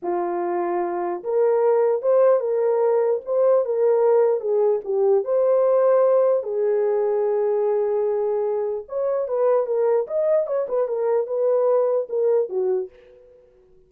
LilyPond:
\new Staff \with { instrumentName = "horn" } { \time 4/4 \tempo 4 = 149 f'2. ais'4~ | ais'4 c''4 ais'2 | c''4 ais'2 gis'4 | g'4 c''2. |
gis'1~ | gis'2 cis''4 b'4 | ais'4 dis''4 cis''8 b'8 ais'4 | b'2 ais'4 fis'4 | }